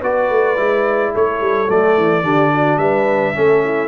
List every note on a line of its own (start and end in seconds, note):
0.00 0.29 B3
0.00 0.56 F#4
0.00 1.11 B4
0.00 1.14 D5
0.29 0.57 A3
0.56 1.12 G#3
0.56 1.67 E4
1.12 1.40 A3
1.12 2.23 A4
1.12 1.70 C#5
1.40 1.68 G3
1.69 1.97 F#3
1.69 2.23 A3
1.69 2.78 D5
1.97 2.22 E3
2.22 2.77 D3
2.22 3.33 D4
2.22 2.51 G4
2.53 2.79 F#4
2.77 3.33 G3
2.77 3.34 B4
2.77 3.88 E5
3.33 3.88 A3
3.33 3.88 C#4
3.33 3.64 A4
3.64 3.88 E4